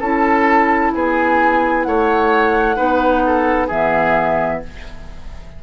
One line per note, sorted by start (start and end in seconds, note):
0.00 0.93 C#4
0.00 2.76 E4
0.00 0.92 A4
0.00 0.94 A5
0.94 1.86 B3
0.94 1.87 G#4
0.94 1.83 G#5
1.83 2.78 A3
1.83 2.76 C#5
1.83 3.67 F#5
2.76 3.70 B3
2.76 3.68 D#4
2.76 3.22 B4
3.27 3.67 A4
3.67 4.62 E3
3.67 4.63 B3
3.67 4.60 G#4
3.67 4.62 E5